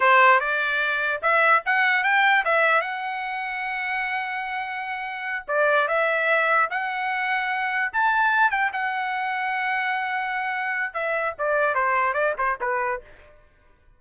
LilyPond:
\new Staff \with { instrumentName = "trumpet" } { \time 4/4 \tempo 4 = 148 c''4 d''2 e''4 | fis''4 g''4 e''4 fis''4~ | fis''1~ | fis''4. d''4 e''4.~ |
e''8 fis''2. a''8~ | a''4 g''8 fis''2~ fis''8~ | fis''2. e''4 | d''4 c''4 d''8 c''8 b'4 | }